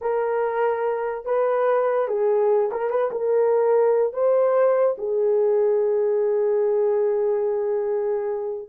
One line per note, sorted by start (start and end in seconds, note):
0.01 1.25 A#4
1.25 2.08 B4
2.08 2.70 G#4
2.71 2.90 A#4
2.90 3.10 B4
3.11 4.13 A#4
4.13 4.96 C5
4.98 8.68 G#4